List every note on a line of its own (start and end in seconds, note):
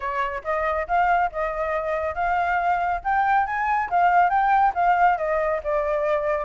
0.00 0.42 C#5
0.44 0.87 D#5
0.87 1.30 F5
1.32 2.14 D#5
2.14 3.01 F5
3.04 3.46 G5
3.46 3.89 G#5
3.90 4.29 F5
4.29 4.72 G5
4.74 5.17 F5
5.17 5.60 D#5
5.63 6.44 D5